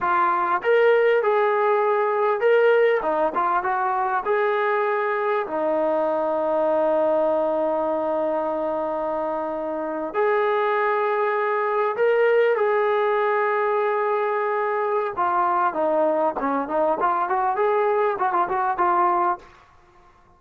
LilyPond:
\new Staff \with { instrumentName = "trombone" } { \time 4/4 \tempo 4 = 99 f'4 ais'4 gis'2 | ais'4 dis'8 f'8 fis'4 gis'4~ | gis'4 dis'2.~ | dis'1~ |
dis'8. gis'2. ais'16~ | ais'8. gis'2.~ gis'16~ | gis'4 f'4 dis'4 cis'8 dis'8 | f'8 fis'8 gis'4 fis'16 f'16 fis'8 f'4 | }